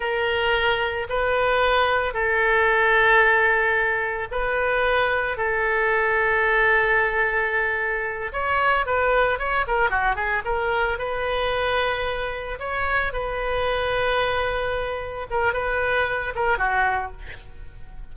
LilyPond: \new Staff \with { instrumentName = "oboe" } { \time 4/4 \tempo 4 = 112 ais'2 b'2 | a'1 | b'2 a'2~ | a'2.~ a'8 cis''8~ |
cis''8 b'4 cis''8 ais'8 fis'8 gis'8 ais'8~ | ais'8 b'2. cis''8~ | cis''8 b'2.~ b'8~ | b'8 ais'8 b'4. ais'8 fis'4 | }